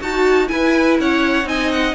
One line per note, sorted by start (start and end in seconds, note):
0.00 0.50 D#4
0.00 0.47 F#4
0.00 0.49 F#4
0.00 0.48 A5
0.47 1.43 E4
0.47 0.99 E4
0.47 1.00 B4
0.47 0.97 G#5
0.99 1.44 C#4
0.99 1.48 C#5
0.99 1.48 F#5
1.43 1.93 C4
1.43 1.92 D#4
1.43 1.94 D#5
1.43 1.71 G#5
1.71 1.94 F#5